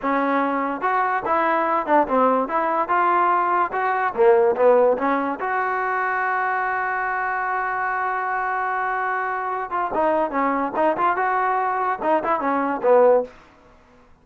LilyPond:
\new Staff \with { instrumentName = "trombone" } { \time 4/4 \tempo 4 = 145 cis'2 fis'4 e'4~ | e'8 d'8 c'4 e'4 f'4~ | f'4 fis'4 ais4 b4 | cis'4 fis'2.~ |
fis'1~ | fis'2.~ fis'8 f'8 | dis'4 cis'4 dis'8 f'8 fis'4~ | fis'4 dis'8 e'8 cis'4 b4 | }